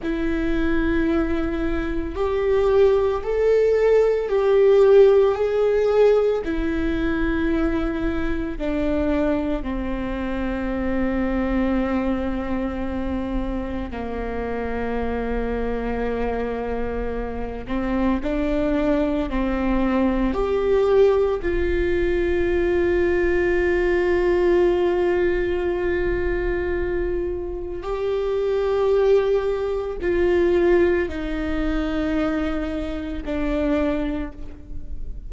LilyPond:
\new Staff \with { instrumentName = "viola" } { \time 4/4 \tempo 4 = 56 e'2 g'4 a'4 | g'4 gis'4 e'2 | d'4 c'2.~ | c'4 ais2.~ |
ais8 c'8 d'4 c'4 g'4 | f'1~ | f'2 g'2 | f'4 dis'2 d'4 | }